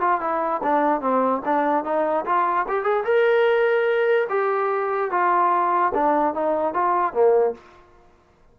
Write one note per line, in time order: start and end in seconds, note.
0.00 0.20 F4
0.20 0.61 E4
0.63 1.01 D4
1.01 1.41 C4
1.45 1.84 D4
1.84 2.25 D#4
2.25 2.66 F4
2.68 2.83 G4
2.83 3.04 G#4
3.04 4.27 A#4
4.29 5.10 G4
5.11 5.92 F4
5.94 6.34 D4
6.34 6.73 D#4
6.73 7.13 F4
7.13 7.54 A#3